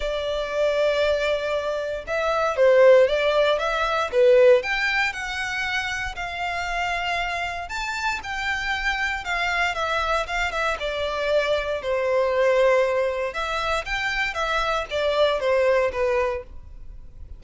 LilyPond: \new Staff \with { instrumentName = "violin" } { \time 4/4 \tempo 4 = 117 d''1 | e''4 c''4 d''4 e''4 | b'4 g''4 fis''2 | f''2. a''4 |
g''2 f''4 e''4 | f''8 e''8 d''2 c''4~ | c''2 e''4 g''4 | e''4 d''4 c''4 b'4 | }